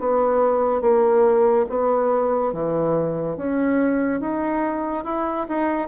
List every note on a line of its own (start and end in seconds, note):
0.00 0.81 B3
0.81 1.66 A#3
1.70 2.54 B3
2.54 3.37 E3
3.37 4.21 C#4
4.21 5.05 D#4
5.05 5.47 E4
5.49 5.88 D#4